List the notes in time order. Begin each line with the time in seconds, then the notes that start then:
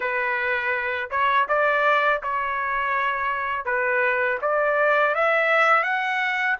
0.00 B4
1.10 C#5
1.48 D5
2.22 C#5
3.65 B4
4.41 D5
5.14 E5
5.83 F#5